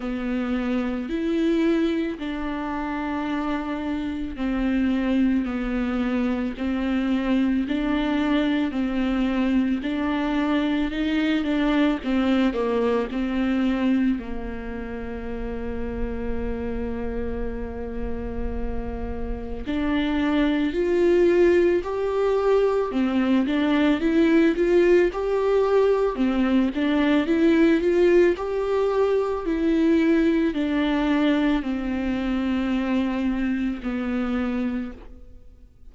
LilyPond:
\new Staff \with { instrumentName = "viola" } { \time 4/4 \tempo 4 = 55 b4 e'4 d'2 | c'4 b4 c'4 d'4 | c'4 d'4 dis'8 d'8 c'8 ais8 | c'4 ais2.~ |
ais2 d'4 f'4 | g'4 c'8 d'8 e'8 f'8 g'4 | c'8 d'8 e'8 f'8 g'4 e'4 | d'4 c'2 b4 | }